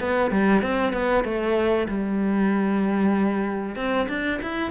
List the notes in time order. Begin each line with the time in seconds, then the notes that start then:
0.00 B3
0.30 G3
0.62 C4
0.93 B3
1.24 A3
1.88 G3
3.76 C4
4.08 D4
4.42 E4